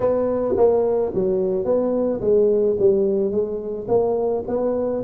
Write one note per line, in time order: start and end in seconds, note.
0.00 0.55 B3
0.57 1.12 A#3
1.14 1.64 F#3
1.64 2.20 B3
2.20 2.76 G#3
2.79 3.31 G3
3.31 3.86 G#3
3.88 4.43 A#3
4.47 5.03 B3